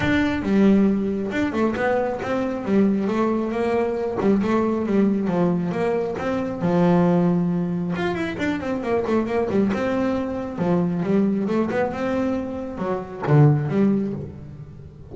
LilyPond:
\new Staff \with { instrumentName = "double bass" } { \time 4/4 \tempo 4 = 136 d'4 g2 d'8 a8 | b4 c'4 g4 a4 | ais4. g8 a4 g4 | f4 ais4 c'4 f4~ |
f2 f'8 e'8 d'8 c'8 | ais8 a8 ais8 g8 c'2 | f4 g4 a8 b8 c'4~ | c'4 fis4 d4 g4 | }